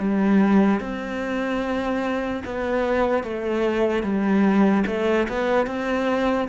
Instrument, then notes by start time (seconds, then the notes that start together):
cello
0.00 G3
0.81 C4
2.45 B3
3.24 A3
4.03 G3
4.87 A3
5.29 B3
5.67 C4